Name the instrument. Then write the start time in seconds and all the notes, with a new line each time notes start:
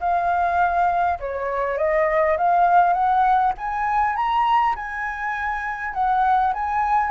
flute
0.00 F5
1.19 C#5
1.77 D#5
2.38 F5
2.93 F#5
3.58 G#5
4.16 A#5
4.76 G#5
5.94 F#5
6.53 G#5